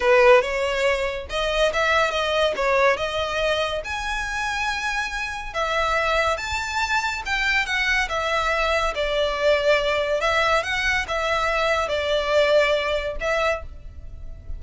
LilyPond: \new Staff \with { instrumentName = "violin" } { \time 4/4 \tempo 4 = 141 b'4 cis''2 dis''4 | e''4 dis''4 cis''4 dis''4~ | dis''4 gis''2.~ | gis''4 e''2 a''4~ |
a''4 g''4 fis''4 e''4~ | e''4 d''2. | e''4 fis''4 e''2 | d''2. e''4 | }